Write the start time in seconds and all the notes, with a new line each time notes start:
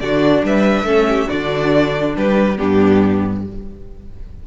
0.00 D3 D4 F#4 D5
0.44 G3 B4 E5
0.83 A3 C#4 A4
1.09 G4
1.28 D3 D4 F#4 D5
2.16 G3 G4 B4
2.57 G2 B3 D4 G4